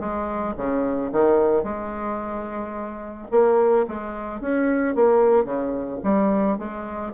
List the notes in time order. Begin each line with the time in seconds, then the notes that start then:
0.00 G#3
0.57 C#3
1.12 D#3
1.64 G#3
3.31 A#3
3.88 G#3
4.41 C#4
4.95 A#3
5.45 C#3
6.04 G3
6.59 G#3